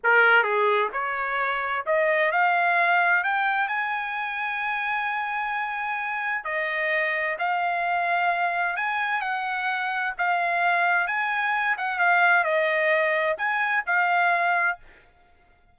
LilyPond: \new Staff \with { instrumentName = "trumpet" } { \time 4/4 \tempo 4 = 130 ais'4 gis'4 cis''2 | dis''4 f''2 g''4 | gis''1~ | gis''2 dis''2 |
f''2. gis''4 | fis''2 f''2 | gis''4. fis''8 f''4 dis''4~ | dis''4 gis''4 f''2 | }